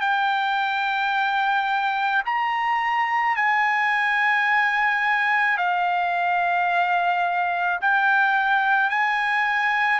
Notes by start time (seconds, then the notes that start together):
0.00 G5
2.25 A#5
3.35 G#5
5.57 F5
7.81 G5
8.90 G#5